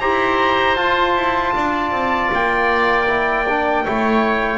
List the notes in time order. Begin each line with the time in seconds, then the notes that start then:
0.00 E4 G4 C5 A#5
0.75 F4 A5
1.15 E4
1.55 D4 D5
1.91 C4
2.32 A#3 G5
3.07 E4
3.48 D4
3.84 A3 E4 C#5